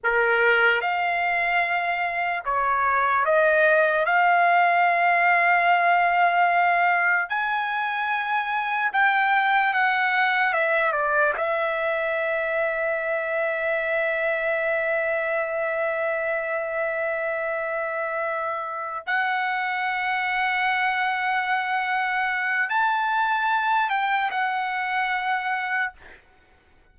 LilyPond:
\new Staff \with { instrumentName = "trumpet" } { \time 4/4 \tempo 4 = 74 ais'4 f''2 cis''4 | dis''4 f''2.~ | f''4 gis''2 g''4 | fis''4 e''8 d''8 e''2~ |
e''1~ | e''2.~ e''8 fis''8~ | fis''1 | a''4. g''8 fis''2 | }